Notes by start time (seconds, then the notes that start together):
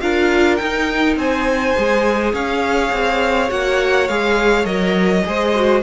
0.00 D4 F4 A#4 F5
0.56 D#4 G5
1.16 C4 C5 G#5
1.76 G#3 G#4
2.33 C#4 C#5 F5
2.92 C4
3.49 A#3 F#4 F#5
4.08 G#3 G#4 F5
4.65 F#3 A#4 D#5
5.25 G#3 G#4 C5
5.55 F#4